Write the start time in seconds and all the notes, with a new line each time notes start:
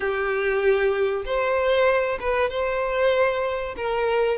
0.00 G4
1.25 C5
2.20 B4
2.50 C5
3.76 A#4